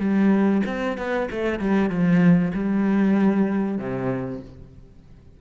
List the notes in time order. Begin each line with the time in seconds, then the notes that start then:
0.00 G3
0.66 C4
0.98 B3
1.31 A3
1.59 G3
1.90 F3
2.54 G3
3.78 C3